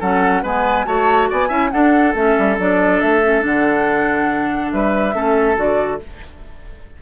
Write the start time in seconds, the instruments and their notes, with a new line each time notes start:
0.00 bassoon F#3, clarinet C#4, oboe A4, flute F#5
0.43 bassoon G#3, clarinet B3, oboe B4, flute G#5
0.85 bassoon A3, clarinet F#4, oboe C#5, flute A5
1.29 bassoon B3, oboe D5, flute G#5
1.48 bassoon C#4, clarinet E4, oboe E5
1.71 clarinet D4, bassoon D4, oboe A4, flute F#5
2.14 bassoon A3, clarinet C#4, flute E5
2.38 bassoon G3
2.59 bassoon F#3, clarinet D4, flute D5
3.01 bassoon A3, flute E5
3.23 clarinet C#4
3.40 bassoon D3, clarinet D4, flute F#5
4.72 bassoon G3, oboe B4, flute E5
5.14 bassoon A3, clarinet C#4, oboe A4
5.56 bassoon D3, clarinet F#4, flute D5